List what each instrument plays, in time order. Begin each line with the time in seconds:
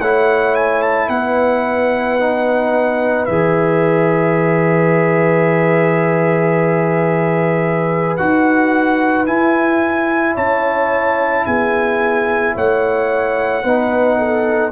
0.00 tuba A3, trombone E4, horn C#5, trumpet F#5
0.55 trumpet G#5
0.82 trumpet A5
1.08 tuba B3, horn B4, trumpet F#5
2.19 trombone D#4
3.25 tuba E3, trombone G#4, trumpet E5
8.17 tuba D#4, trombone F#4, trumpet F#5
9.26 trombone E4, tuba E4, trumpet G#5
10.34 tuba C#4, horn C#5, trumpet A5
11.45 tuba B3, horn G#4, trumpet G#5
12.55 tuba A3, horn C#5, trumpet F#5
13.63 tuba B3, trombone D#4, horn B4
14.18 horn A4